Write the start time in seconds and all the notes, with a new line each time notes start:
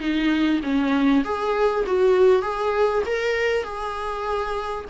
0.00 D#4
0.63 C#4
1.25 G#4
1.87 F#4
2.42 G#4
3.06 A#4
3.64 G#4